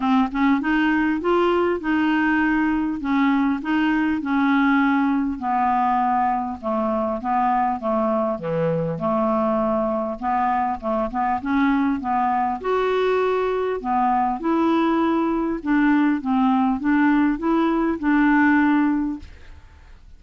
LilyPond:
\new Staff \with { instrumentName = "clarinet" } { \time 4/4 \tempo 4 = 100 c'8 cis'8 dis'4 f'4 dis'4~ | dis'4 cis'4 dis'4 cis'4~ | cis'4 b2 a4 | b4 a4 e4 a4~ |
a4 b4 a8 b8 cis'4 | b4 fis'2 b4 | e'2 d'4 c'4 | d'4 e'4 d'2 | }